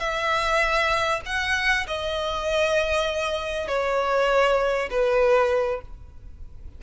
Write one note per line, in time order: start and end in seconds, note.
0.00 1.21 E5
1.26 1.87 F#5
1.88 3.68 D#5
3.68 4.89 C#5
4.91 5.82 B4